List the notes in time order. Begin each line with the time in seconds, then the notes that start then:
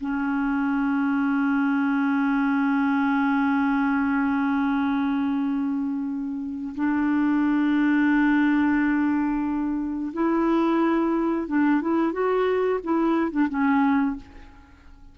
0.00 C#4
6.75 D4
10.13 E4
11.47 D4
11.81 E4
12.12 F#4
12.83 E4
13.31 D4
13.49 C#4